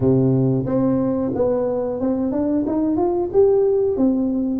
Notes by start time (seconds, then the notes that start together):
0.00 C3
0.66 C4
1.34 B3
2.00 C4
2.32 D4
2.66 D#4
2.97 F4
3.32 G4
3.96 C4